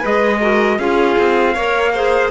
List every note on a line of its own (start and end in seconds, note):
0.00 0.78 G#3
0.00 0.41 G#4
0.00 0.38 B4
0.00 0.78 D#5
0.40 0.79 F#4
0.40 0.78 A#4
0.78 1.16 C#4
0.78 1.55 F4
0.78 1.54 G#4
0.78 2.30 F5
1.18 1.56 C4
1.54 2.30 A#3
1.54 1.94 A#4
1.54 1.92 C#5
1.93 2.30 G#4
1.93 2.30 C5